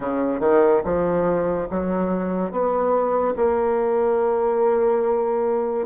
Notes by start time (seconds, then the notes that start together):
0.00 C#3
0.40 D#3
0.84 F3
1.70 F#3
2.51 B3
3.36 A#3